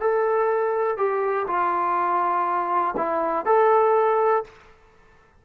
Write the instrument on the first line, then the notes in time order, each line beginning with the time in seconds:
trombone
0.00 A4
0.97 G4
1.47 F4
2.97 E4
3.45 A4